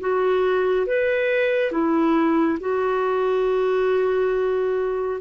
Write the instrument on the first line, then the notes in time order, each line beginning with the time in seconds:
clarinet
0.00 F#4
0.87 B4
1.72 E4
2.60 F#4